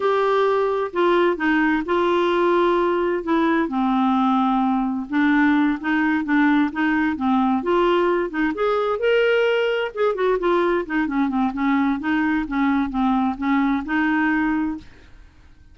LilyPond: \new Staff \with { instrumentName = "clarinet" } { \time 4/4 \tempo 4 = 130 g'2 f'4 dis'4 | f'2. e'4 | c'2. d'4~ | d'8 dis'4 d'4 dis'4 c'8~ |
c'8 f'4. dis'8 gis'4 ais'8~ | ais'4. gis'8 fis'8 f'4 dis'8 | cis'8 c'8 cis'4 dis'4 cis'4 | c'4 cis'4 dis'2 | }